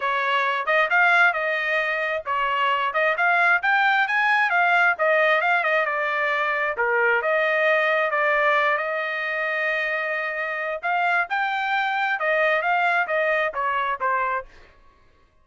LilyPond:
\new Staff \with { instrumentName = "trumpet" } { \time 4/4 \tempo 4 = 133 cis''4. dis''8 f''4 dis''4~ | dis''4 cis''4. dis''8 f''4 | g''4 gis''4 f''4 dis''4 | f''8 dis''8 d''2 ais'4 |
dis''2 d''4. dis''8~ | dis''1 | f''4 g''2 dis''4 | f''4 dis''4 cis''4 c''4 | }